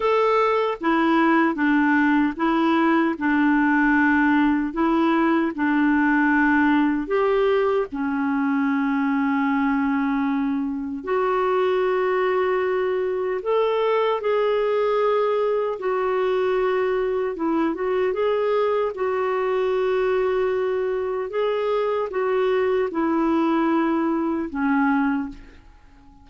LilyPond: \new Staff \with { instrumentName = "clarinet" } { \time 4/4 \tempo 4 = 76 a'4 e'4 d'4 e'4 | d'2 e'4 d'4~ | d'4 g'4 cis'2~ | cis'2 fis'2~ |
fis'4 a'4 gis'2 | fis'2 e'8 fis'8 gis'4 | fis'2. gis'4 | fis'4 e'2 cis'4 | }